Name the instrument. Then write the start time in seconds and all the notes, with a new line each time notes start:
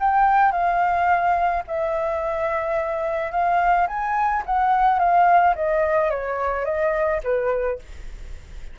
flute
0.00 G5
0.52 F5
1.68 E5
3.32 F5
3.88 G#5
4.46 F#5
4.99 F5
5.56 D#5
6.11 C#5
6.65 D#5
7.24 B4